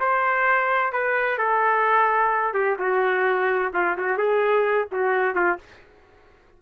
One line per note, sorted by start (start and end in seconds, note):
0.00 0.93 C5
0.93 1.38 B4
1.38 2.54 A4
2.54 2.78 G4
2.79 3.73 F#4
3.74 3.97 F4
3.97 4.18 F#4
4.18 4.88 G#4
4.92 5.36 F#4
5.36 5.59 F4